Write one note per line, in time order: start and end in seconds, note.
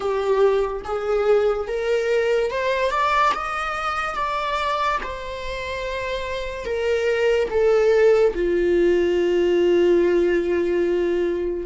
0.00 0.82 G4
0.84 1.67 G#4
1.67 2.50 A#4
2.50 2.90 C5
2.90 3.32 D5
3.34 4.15 D#5
4.15 4.98 D5
5.03 6.65 C5
6.65 7.48 A#4
7.50 8.33 A4
8.34 11.65 F4